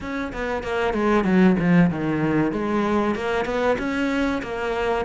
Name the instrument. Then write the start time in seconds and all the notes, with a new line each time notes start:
cello
0.00 C#4
0.32 B3
0.63 A#3
0.93 G#3
1.24 F#3
1.59 F3
1.90 D#3
2.52 G#3
3.15 A#3
3.45 B3
3.78 C#4
4.42 A#3